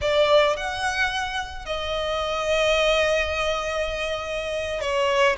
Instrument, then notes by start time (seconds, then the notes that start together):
violin
0.01 D5
0.56 F#5
1.65 D#5
4.80 C#5